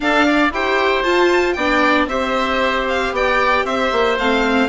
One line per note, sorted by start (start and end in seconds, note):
0.00 0.52 D4
0.00 0.50 D4
0.00 0.26 A4
0.00 0.52 F5
0.26 0.52 D5
0.50 1.02 E4
0.50 1.03 G4
0.50 1.56 C5
0.50 1.03 G5
1.03 1.56 F4
1.03 1.53 A5
1.53 2.07 B3
1.53 2.10 D4
1.53 2.08 D5
1.53 2.05 G5
2.07 3.11 C4
2.07 4.18 G4
2.07 3.14 C5
2.07 2.87 E5
2.88 3.14 F5
3.11 3.64 B3
3.11 3.65 D5
3.11 3.65 G5
3.64 3.90 C4
3.64 4.68 C5
3.64 4.17 E5
3.91 4.17 A#3
4.18 4.68 A3
4.18 4.68 C4
4.18 4.68 F5